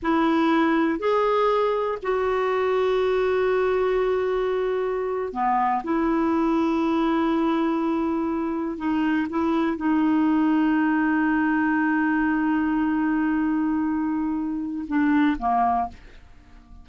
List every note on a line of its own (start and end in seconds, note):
0.02 0.99 E4
0.99 1.98 G#4
2.02 5.32 F#4
5.32 5.82 B3
5.83 8.77 E4
8.77 9.27 D#4
9.29 9.76 E4
9.76 14.85 D#4
14.87 15.37 D4
15.39 15.88 A#3